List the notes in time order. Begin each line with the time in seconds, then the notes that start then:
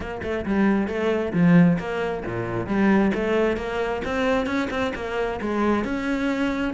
0.00 A#3
0.22 A3
0.45 G3
0.87 A3
1.33 F3
1.78 A#3
2.25 A#2
2.66 G3
3.14 A3
3.56 A#3
4.04 C4
4.46 C#4
4.70 C4
4.95 A#3
5.41 G#3
5.84 C#4